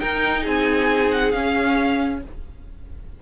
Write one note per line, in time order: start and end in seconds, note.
0.00 1.33 D#4
0.00 0.46 D#4
0.00 0.42 A#4
0.00 0.44 G5
0.42 1.34 C4
0.42 2.19 G#4
0.42 1.11 G#5
1.11 1.32 F#5
1.32 2.22 C#4
1.32 2.20 F5